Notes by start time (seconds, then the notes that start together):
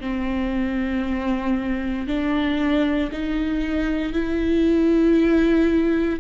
0.00 C4
2.07 D4
3.12 D#4
4.13 E4